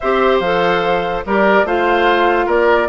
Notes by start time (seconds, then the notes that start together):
0.00 C4 G4 C5 E5
0.39 F3 A4 F5
1.25 G3 G4 A#4 D5
1.63 A3 F4 C5 F5
2.46 A#3 A#4 D5